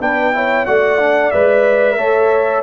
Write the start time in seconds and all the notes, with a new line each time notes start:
0.00 B3 D4 B4 G5
0.33 E4 C#5
0.66 A3 F#4 D5 F#5
0.99 D4
1.31 G#3 B4 E5
1.97 A3 A4 C#5